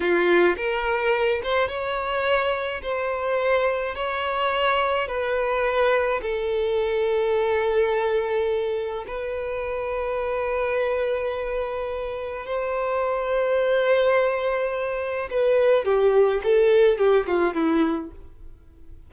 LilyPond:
\new Staff \with { instrumentName = "violin" } { \time 4/4 \tempo 4 = 106 f'4 ais'4. c''8 cis''4~ | cis''4 c''2 cis''4~ | cis''4 b'2 a'4~ | a'1 |
b'1~ | b'2 c''2~ | c''2. b'4 | g'4 a'4 g'8 f'8 e'4 | }